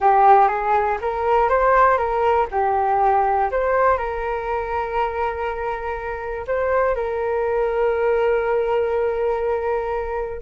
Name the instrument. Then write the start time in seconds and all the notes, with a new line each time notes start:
flute
0.00 G4
0.48 G#4
1.01 A#4
1.49 C5
1.97 A#4
2.51 G4
3.51 C5
3.97 A#4
6.47 C5
6.95 A#4